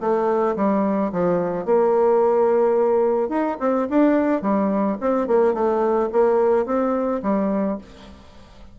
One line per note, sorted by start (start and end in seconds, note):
0.00 0.56 A3
0.56 1.12 G3
1.12 1.65 F3
1.65 3.29 A#3
3.29 3.57 D#4
3.60 3.88 C4
3.90 4.42 D4
4.42 4.97 G3
5.00 5.27 C4
5.27 5.54 A#3
5.54 6.09 A3
6.12 6.66 A#3
6.66 7.21 C4
7.23 7.78 G3